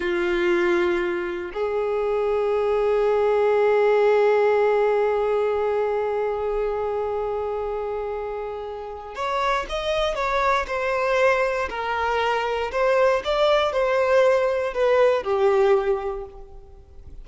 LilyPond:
\new Staff \with { instrumentName = "violin" } { \time 4/4 \tempo 4 = 118 f'2. gis'4~ | gis'1~ | gis'1~ | gis'1~ |
gis'2 cis''4 dis''4 | cis''4 c''2 ais'4~ | ais'4 c''4 d''4 c''4~ | c''4 b'4 g'2 | }